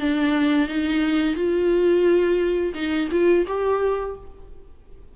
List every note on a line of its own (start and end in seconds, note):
0.00 0.68 D4
0.68 1.35 D#4
1.35 2.73 F4
2.74 3.09 D#4
3.11 3.46 F4
3.47 4.16 G4